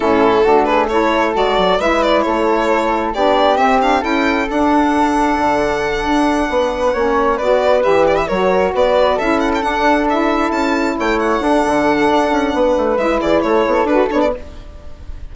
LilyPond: <<
  \new Staff \with { instrumentName = "violin" } { \time 4/4 \tempo 4 = 134 a'4. b'8 cis''4 d''4 | e''8 d''8 cis''2 d''4 | e''8 f''8 g''4 fis''2~ | fis''1~ |
fis''8 d''4 e''8 d''16 e''16 cis''4 d''8~ | d''8 e''8 fis''16 g''16 fis''4 e''4 a''8~ | a''8 g''8 fis''2.~ | fis''4 e''8 d''8 cis''4 b'8 cis''16 d''16 | }
  \new Staff \with { instrumentName = "flute" } { \time 4/4 e'4 fis'8 gis'8 a'2 | b'4 a'2 g'4~ | g'4 a'2.~ | a'2~ a'8 b'4 cis''8~ |
cis''8 b'2 ais'4 b'8~ | b'8 a'2.~ a'8~ | a'8 cis''4 a'2~ a'8 | b'4. gis'8 a'2 | }
  \new Staff \with { instrumentName = "saxophone" } { \time 4/4 cis'4 d'4 e'4 fis'4 | e'2. d'4 | c'8 d'8 e'4 d'2~ | d'2.~ d'8 cis'8~ |
cis'8 fis'4 g'4 fis'4.~ | fis'8 e'4 d'4 e'4.~ | e'4. d'2~ d'8~ | d'4 e'2 fis'8 d'8 | }
  \new Staff \with { instrumentName = "bassoon" } { \time 4/4 a,4 a2 gis8 fis8 | gis4 a2 b4 | c'4 cis'4 d'2 | d4. d'4 b4 ais8~ |
ais8 b4 e4 fis4 b8~ | b8 cis'4 d'2 cis'8~ | cis'8 a4 d'8 d4 d'8 cis'8 | b8 a8 gis8 e8 a8 b8 d'8 b8 | }
>>